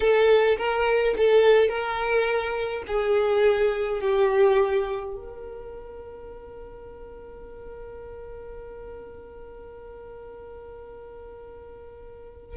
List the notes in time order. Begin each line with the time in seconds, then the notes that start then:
0.00 A4
0.57 A#4
1.17 A4
1.68 A#4
2.87 G#4
4.01 G4
5.15 A#4